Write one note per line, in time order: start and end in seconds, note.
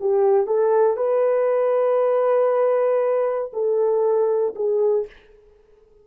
0.00 0.46 G4
0.46 0.96 A4
0.96 3.50 B4
3.53 4.54 A4
4.55 5.06 G#4